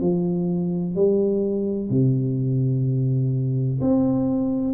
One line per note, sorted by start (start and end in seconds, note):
0.00 0.95 F3
0.95 1.90 G3
1.90 3.80 C3
3.81 4.74 C4